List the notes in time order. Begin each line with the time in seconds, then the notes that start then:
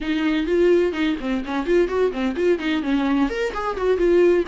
0.00 D#4
0.46 F4
0.92 D#4
1.20 C4
1.45 C#4
1.65 F4
1.87 F#4
2.12 C4
2.36 F4
2.58 D#4
2.82 C#4
3.29 A#4
3.54 G#4
3.76 F#4
3.97 F4